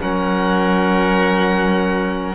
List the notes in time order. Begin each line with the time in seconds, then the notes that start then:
0.00 F#3 C#4 A#4 F#5